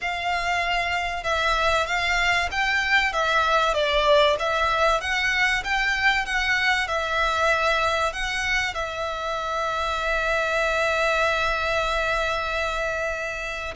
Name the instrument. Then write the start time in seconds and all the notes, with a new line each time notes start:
violin
0.01 F5
1.23 E5
1.86 F5
2.51 G5
3.12 E5
3.74 D5
4.39 E5
5.00 F#5
5.64 G5
6.25 F#5
6.88 E5
8.12 F#5
8.74 E5